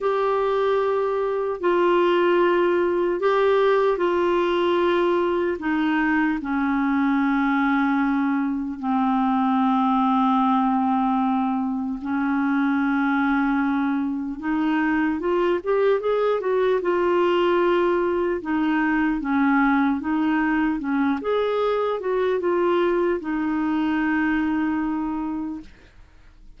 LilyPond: \new Staff \with { instrumentName = "clarinet" } { \time 4/4 \tempo 4 = 75 g'2 f'2 | g'4 f'2 dis'4 | cis'2. c'4~ | c'2. cis'4~ |
cis'2 dis'4 f'8 g'8 | gis'8 fis'8 f'2 dis'4 | cis'4 dis'4 cis'8 gis'4 fis'8 | f'4 dis'2. | }